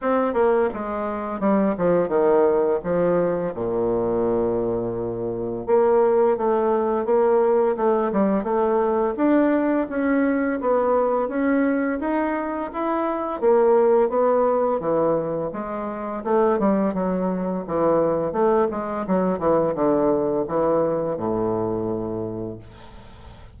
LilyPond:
\new Staff \with { instrumentName = "bassoon" } { \time 4/4 \tempo 4 = 85 c'8 ais8 gis4 g8 f8 dis4 | f4 ais,2. | ais4 a4 ais4 a8 g8 | a4 d'4 cis'4 b4 |
cis'4 dis'4 e'4 ais4 | b4 e4 gis4 a8 g8 | fis4 e4 a8 gis8 fis8 e8 | d4 e4 a,2 | }